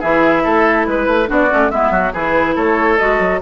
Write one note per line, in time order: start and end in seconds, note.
0.00 0.45 E3
0.00 1.27 E4
0.00 0.43 G#4
0.00 0.85 E5
0.43 0.87 A3
0.43 0.86 A4
0.85 1.07 G#3
0.85 1.28 B4
0.85 1.29 B4
1.07 1.28 A3
1.27 1.51 B3
1.27 1.48 D4
1.27 1.71 F#4
1.27 1.70 D5
1.50 1.70 A3
1.50 1.71 C#4
1.70 1.90 G#3
1.70 2.14 B3
1.70 1.92 E4
1.70 2.13 E5
1.90 2.11 F#3
1.90 2.12 F#4
2.12 2.56 E3
2.12 2.99 E4
2.12 2.55 G#4
2.12 2.56 B4
2.55 2.99 A3
2.55 3.40 A4
2.55 2.98 C#5
2.98 3.19 G#3
2.98 3.41 F#4
2.98 3.40 D#5
3.19 3.40 F#3